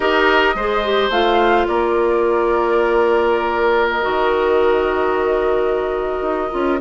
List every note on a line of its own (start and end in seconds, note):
0.00 0.54 D#4
0.00 0.55 G4
0.00 0.55 A#4
0.00 1.10 D#5
0.54 1.09 G#3
0.54 0.84 G#4
0.54 1.67 C5
0.84 1.11 G4
1.09 1.65 A3
1.09 4.02 F4
1.09 1.66 F5
1.67 4.04 A#3
1.67 6.80 A#4
1.67 3.89 D5
3.89 6.80 D#5
4.02 6.21 D#3
4.02 6.51 F#4
6.21 6.49 D#4
6.51 6.80 C#4
6.51 6.79 F4